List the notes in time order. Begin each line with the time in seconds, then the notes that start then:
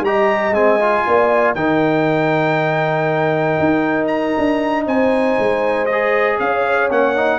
0.00 G3 G4 D#5 A#5
0.51 G#3 C4 G#5
0.79 F4
1.06 A#3 D5
1.54 D#3 D#4 A#4 G5
3.59 D#4
4.07 A#5
4.37 D4
4.85 C4 C5 G#5
5.38 G#3
5.86 D#5
5.92 G#4
6.39 C#4 C#5 F5
6.90 A#3 C#4 F#5
7.16 D#4